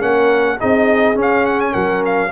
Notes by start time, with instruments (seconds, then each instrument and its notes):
0.00 tuba A#3, trombone C#4, horn A#4, trumpet F#5
0.59 tuba C4, trombone D#4, horn G#4, trumpet D#5
1.15 trombone C#4, tuba C#4
1.22 trumpet F5
1.46 trumpet F#5
1.60 trumpet G#5
1.72 tuba F#3, horn A#4, trumpet F#5
2.06 trumpet F5